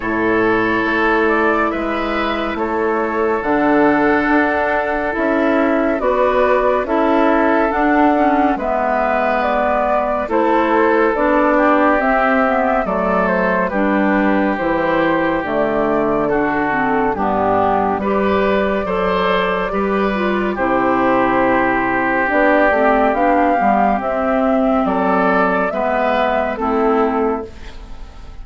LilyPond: <<
  \new Staff \with { instrumentName = "flute" } { \time 4/4 \tempo 4 = 70 cis''4. d''8 e''4 cis''4 | fis''2 e''4 d''4 | e''4 fis''4 e''4 d''4 | c''4 d''4 e''4 d''8 c''8 |
b'4 c''4 d''4 a'4 | g'4 d''2. | c''2 d''4 f''4 | e''4 d''4 e''4 a'4 | }
  \new Staff \with { instrumentName = "oboe" } { \time 4/4 a'2 b'4 a'4~ | a'2. b'4 | a'2 b'2 | a'4. g'4. a'4 |
g'2. fis'4 | d'4 b'4 c''4 b'4 | g'1~ | g'4 a'4 b'4 e'4 | }
  \new Staff \with { instrumentName = "clarinet" } { \time 4/4 e'1 | d'2 e'4 fis'4 | e'4 d'8 cis'8 b2 | e'4 d'4 c'8 b8 a4 |
d'4 e'4 a4 d'8 c'8 | b4 g'4 a'4 g'8 f'8 | e'2 d'8 c'8 d'8 b8 | c'2 b4 c'4 | }
  \new Staff \with { instrumentName = "bassoon" } { \time 4/4 a,4 a4 gis4 a4 | d4 d'4 cis'4 b4 | cis'4 d'4 gis2 | a4 b4 c'4 fis4 |
g4 e4 d2 | g,4 g4 fis4 g4 | c2 b8 a8 b8 g8 | c'4 fis4 gis4 a4 | }
>>